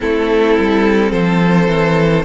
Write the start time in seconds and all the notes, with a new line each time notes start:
0.00 A3 C4 E4 A4
0.58 G3
1.10 F3 A4 C5
1.67 E3